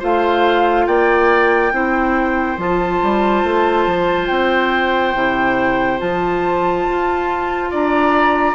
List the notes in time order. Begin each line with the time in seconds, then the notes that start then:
0.00 A3 F4 C5 F5
0.87 A#3 D5 G5
1.72 C4 E4 C5
2.58 F3 F4 A5
3.04 G3
3.44 A3
3.87 F3
4.27 C4 G5
5.15 C3 E4
5.99 F3 F4 A5
6.90 F4
7.71 D4 D5 A#5